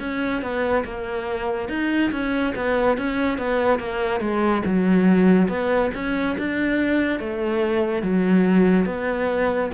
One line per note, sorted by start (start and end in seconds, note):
0.00 0.42 C#4
0.42 0.85 B3
0.85 1.69 A#3
1.69 2.11 D#4
2.12 2.54 C#4
2.56 2.98 B3
2.98 3.38 C#4
3.38 3.80 B3
3.80 4.21 A#3
4.21 4.63 G#3
4.66 5.49 F#3
5.49 5.91 B3
5.95 6.37 C#4
6.38 7.20 D4
7.20 8.03 A3
8.03 8.86 F#3
8.86 9.70 B3